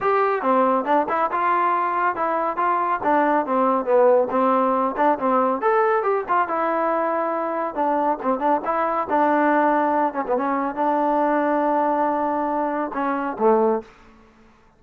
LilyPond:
\new Staff \with { instrumentName = "trombone" } { \time 4/4 \tempo 4 = 139 g'4 c'4 d'8 e'8 f'4~ | f'4 e'4 f'4 d'4 | c'4 b4 c'4. d'8 | c'4 a'4 g'8 f'8 e'4~ |
e'2 d'4 c'8 d'8 | e'4 d'2~ d'8 cis'16 b16 | cis'4 d'2.~ | d'2 cis'4 a4 | }